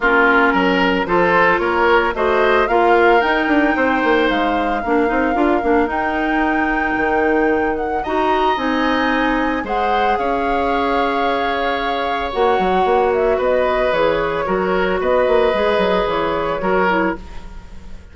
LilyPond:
<<
  \new Staff \with { instrumentName = "flute" } { \time 4/4 \tempo 4 = 112 ais'2 c''4 cis''4 | dis''4 f''4 g''2 | f''2. g''4~ | g''2~ g''8 fis''8 ais''4 |
gis''2 fis''4 f''4~ | f''2. fis''4~ | fis''8 e''8 dis''4 cis''2 | dis''2 cis''2 | }
  \new Staff \with { instrumentName = "oboe" } { \time 4/4 f'4 ais'4 a'4 ais'4 | c''4 ais'2 c''4~ | c''4 ais'2.~ | ais'2. dis''4~ |
dis''2 c''4 cis''4~ | cis''1~ | cis''4 b'2 ais'4 | b'2. ais'4 | }
  \new Staff \with { instrumentName = "clarinet" } { \time 4/4 cis'2 f'2 | fis'4 f'4 dis'2~ | dis'4 d'8 dis'8 f'8 d'8 dis'4~ | dis'2. fis'4 |
dis'2 gis'2~ | gis'2. fis'4~ | fis'2 gis'4 fis'4~ | fis'4 gis'2 fis'8 e'8 | }
  \new Staff \with { instrumentName = "bassoon" } { \time 4/4 ais4 fis4 f4 ais4 | a4 ais4 dis'8 d'8 c'8 ais8 | gis4 ais8 c'8 d'8 ais8 dis'4~ | dis'4 dis2 dis'4 |
c'2 gis4 cis'4~ | cis'2. ais8 fis8 | ais4 b4 e4 fis4 | b8 ais8 gis8 fis8 e4 fis4 | }
>>